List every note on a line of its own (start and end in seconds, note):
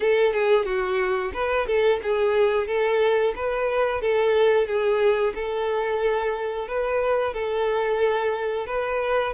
0.00 0.33 A4
0.33 0.65 G#4
0.65 1.32 F#4
1.33 1.66 B4
1.66 2.00 A4
2.02 2.67 G#4
2.67 3.34 A4
3.35 4.01 B4
4.01 4.67 A4
4.67 5.33 G#4
5.35 6.68 A4
6.68 7.33 B4
7.33 8.66 A4
8.66 9.33 B4